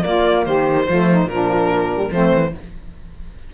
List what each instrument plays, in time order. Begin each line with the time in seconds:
0.00 saxophone A#3 F4, cello A#3, violin D5
0.45 cello D#3, saxophone G4, violin C5
0.86 cello F3, saxophone A3 F4
1.10 saxophone D#4
1.25 cello A#2, saxophone F3, violin A#4
1.31 saxophone D4
1.93 saxophone G3
2.11 cello F3, saxophone A3 C4, violin C5
2.33 cello E3